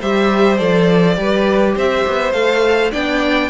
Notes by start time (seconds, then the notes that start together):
0.00 G3 G4 C5 E5
0.58 F3 A4 D5
1.15 G3 G4 B4
1.75 C4 C5 E5
2.07 B3
2.33 A3 A4 F5
2.92 B3 D4 D5 G5